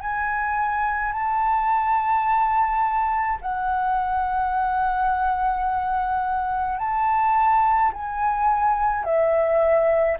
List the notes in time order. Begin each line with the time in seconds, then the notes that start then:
0.00 G#5
1.12 A5
3.41 F#5
6.78 A5
7.92 G#5
9.04 E5